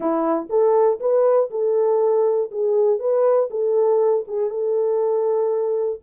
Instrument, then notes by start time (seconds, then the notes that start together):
horn
0.00 E4
0.49 A4
1.00 B4
1.50 A4
2.51 G#4
2.99 B4
3.50 A4
4.27 G#4
4.50 A4